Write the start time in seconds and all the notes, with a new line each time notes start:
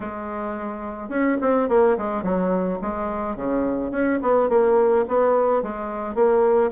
0.00 G#3
1.09 C#4
1.41 C4
1.68 A#3
1.97 G#3
2.22 F#3
2.81 G#3
3.36 C#3
3.91 C#4
4.22 B3
4.49 A#3
5.07 B3
5.62 G#3
6.14 A#3